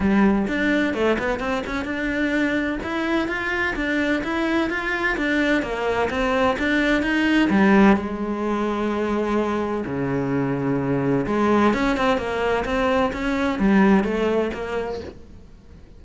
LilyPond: \new Staff \with { instrumentName = "cello" } { \time 4/4 \tempo 4 = 128 g4 d'4 a8 b8 c'8 cis'8 | d'2 e'4 f'4 | d'4 e'4 f'4 d'4 | ais4 c'4 d'4 dis'4 |
g4 gis2.~ | gis4 cis2. | gis4 cis'8 c'8 ais4 c'4 | cis'4 g4 a4 ais4 | }